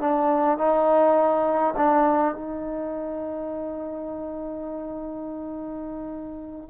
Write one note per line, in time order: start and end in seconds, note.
0.00 0.58 D4
0.58 1.74 D#4
1.76 2.35 D4
2.35 6.69 D#4